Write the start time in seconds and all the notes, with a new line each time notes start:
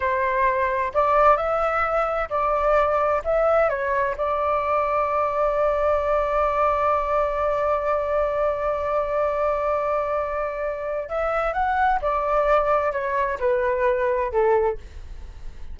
0.00 C5
0.93 D5
1.36 E5
2.29 D5
3.24 E5
3.69 C#5
4.17 D5
11.09 E5
11.53 F#5
12.01 D5
12.92 C#5
13.39 B4
14.32 A4